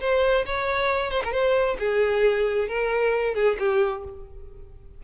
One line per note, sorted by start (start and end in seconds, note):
0.00 0.45 C5
0.45 1.11 C#5
1.11 1.22 C5
1.24 1.32 A#4
1.32 1.77 C5
1.79 2.68 G#4
2.68 3.34 A#4
3.34 3.57 G#4
3.59 4.04 G4